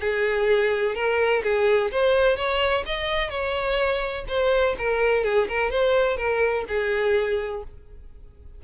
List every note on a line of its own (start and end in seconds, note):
0.00 0.95 G#4
0.95 1.42 A#4
1.43 1.91 G#4
1.91 2.37 C5
2.37 2.84 C#5
2.86 3.30 D#5
3.30 4.25 C#5
4.28 4.76 C5
4.78 5.24 A#4
5.24 5.48 G#4
5.48 5.70 A#4
5.70 6.17 C5
6.17 6.64 A#4
6.68 7.63 G#4